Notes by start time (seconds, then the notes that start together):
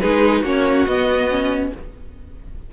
0.00 G#3 D#4 G#4 B4
0.41 A#3 C#4 F#4 C#5
0.86 B3 D#5
1.30 C#4